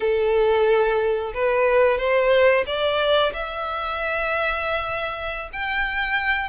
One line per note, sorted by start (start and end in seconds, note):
0.00 1.33 A4
1.34 1.98 B4
1.98 2.64 C5
2.66 3.32 D5
3.33 5.49 E5
5.52 6.49 G5